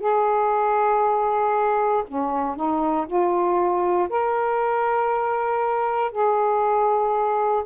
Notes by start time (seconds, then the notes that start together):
0.00 G#4
2.08 C#4
2.56 D#4
3.07 F4
4.09 A#4
6.11 G#4